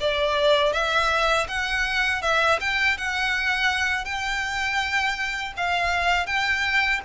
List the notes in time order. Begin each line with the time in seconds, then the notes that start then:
0.00 D5
0.73 E5
1.48 F#5
2.22 E5
2.61 G5
2.98 F#5
4.05 G5
5.57 F5
6.27 G5